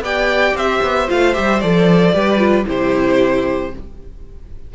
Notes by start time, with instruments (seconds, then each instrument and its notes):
0.00 cello B3, viola G4, violin D5 G5
0.54 cello C4, violin C5 E5
0.82 cello B3
1.08 cello A3, viola F4, violin F5
1.33 cello G3, viola G4, violin E5
1.60 cello F3, viola A4, violin D5
2.13 cello G3, viola G4, violin B4
2.38 viola F4
2.65 cello C3, viola E4, violin G4 C5